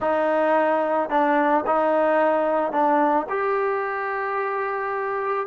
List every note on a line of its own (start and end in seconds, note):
0.00 1.09 D#4
1.09 1.64 D4
1.66 2.71 D#4
2.71 3.26 D4
3.29 5.47 G4